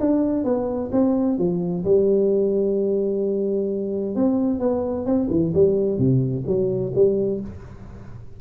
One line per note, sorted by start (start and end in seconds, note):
0.00 0.44 D4
0.44 0.90 B3
0.92 1.38 C4
1.38 1.84 F3
1.85 4.16 G3
4.16 4.60 C4
4.60 5.06 B3
5.06 5.29 C4
5.30 5.53 E3
5.54 5.98 G3
5.98 6.44 C3
6.47 6.93 F#3
6.95 7.41 G3